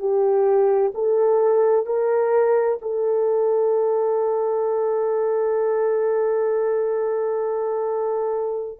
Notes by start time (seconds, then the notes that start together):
0.00 G4
0.95 A4
1.86 A#4
2.82 A4